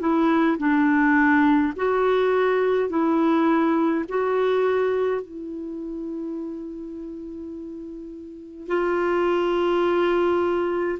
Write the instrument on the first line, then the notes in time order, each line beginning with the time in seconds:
clarinet
0.00 E4
0.58 D4
1.76 F#4
2.90 E4
4.09 F#4
5.22 E4
8.67 F4